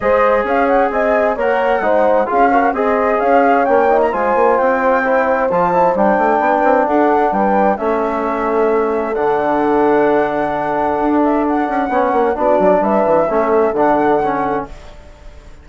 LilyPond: <<
  \new Staff \with { instrumentName = "flute" } { \time 4/4 \tempo 4 = 131 dis''4 f''8 fis''8 gis''4 fis''4~ | fis''4 f''4 dis''4 f''4 | g''8. ais''16 gis''4 g''2 | a''4 g''2 fis''4 |
g''4 e''2. | fis''1~ | fis''8 e''8 fis''2 d''4 | e''2 fis''2 | }
  \new Staff \with { instrumentName = "horn" } { \time 4/4 c''4 cis''4 dis''4 cis''4 | c''4 gis'8 ais'8 c''4 cis''4~ | cis''4 c''2.~ | c''2 b'4 a'4 |
b'4 a'2.~ | a'1~ | a'2 cis''4 fis'4 | b'4 a'2. | }
  \new Staff \with { instrumentName = "trombone" } { \time 4/4 gis'2. ais'4 | dis'4 f'8 fis'8 gis'2 | cis'8 dis'8 f'2 e'4 | f'8 e'8 d'2.~ |
d'4 cis'2. | d'1~ | d'2 cis'4 d'4~ | d'4 cis'4 d'4 cis'4 | }
  \new Staff \with { instrumentName = "bassoon" } { \time 4/4 gis4 cis'4 c'4 ais4 | gis4 cis'4 c'4 cis'4 | ais4 gis8 ais8 c'2 | f4 g8 a8 b8 c'8 d'4 |
g4 a2. | d1 | d'4. cis'8 b8 ais8 b8 fis8 | g8 e8 a4 d2 | }
>>